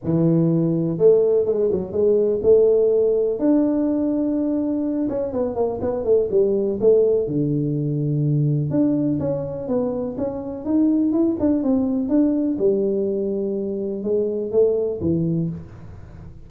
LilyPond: \new Staff \with { instrumentName = "tuba" } { \time 4/4 \tempo 4 = 124 e2 a4 gis8 fis8 | gis4 a2 d'4~ | d'2~ d'8 cis'8 b8 ais8 | b8 a8 g4 a4 d4~ |
d2 d'4 cis'4 | b4 cis'4 dis'4 e'8 d'8 | c'4 d'4 g2~ | g4 gis4 a4 e4 | }